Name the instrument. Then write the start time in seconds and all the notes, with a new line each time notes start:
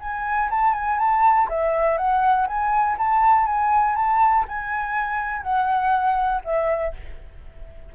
flute
0.00 G#5
0.50 A5
0.73 G#5
0.98 A5
1.49 E5
1.97 F#5
2.47 G#5
2.98 A5
3.46 G#5
3.96 A5
4.48 G#5
5.43 F#5
6.44 E5